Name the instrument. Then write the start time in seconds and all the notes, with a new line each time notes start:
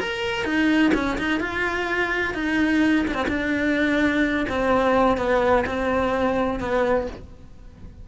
cello
0.00 A#4
0.45 D#4
0.95 C#4
1.19 D#4
1.40 F4
2.35 D#4
3.08 D4
3.15 C4
3.28 D4
4.49 C4
5.18 B3
5.66 C4
6.60 B3